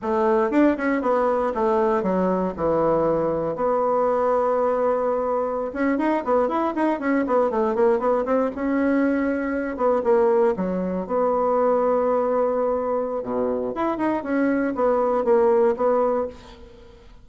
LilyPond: \new Staff \with { instrumentName = "bassoon" } { \time 4/4 \tempo 4 = 118 a4 d'8 cis'8 b4 a4 | fis4 e2 b4~ | b2.~ b16 cis'8 dis'16~ | dis'16 b8 e'8 dis'8 cis'8 b8 a8 ais8 b16~ |
b16 c'8 cis'2~ cis'8 b8 ais16~ | ais8. fis4 b2~ b16~ | b2 b,4 e'8 dis'8 | cis'4 b4 ais4 b4 | }